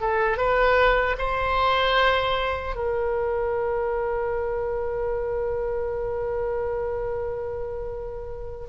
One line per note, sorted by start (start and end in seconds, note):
0.00 0.37 A4
0.37 1.16 B4
1.18 2.75 C5
2.75 8.67 A#4